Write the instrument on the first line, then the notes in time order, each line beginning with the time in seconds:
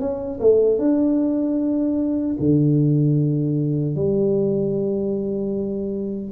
tuba
0.00 C#4
0.40 A3
0.79 D4
2.39 D3
3.95 G3